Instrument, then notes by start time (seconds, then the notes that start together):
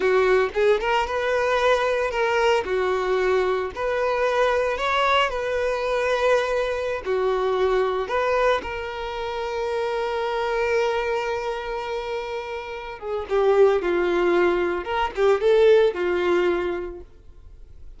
violin
0.00 F#4
0.54 G#4
0.80 A#4
1.06 B4
2.10 A#4
2.65 F#4
3.75 B4
4.77 C#5
5.29 B4
7.05 F#4
8.08 B4
8.62 A#4
12.99 G#4
13.29 G4
13.81 F4
14.84 A#4
15.15 G4
15.41 A4
15.94 F4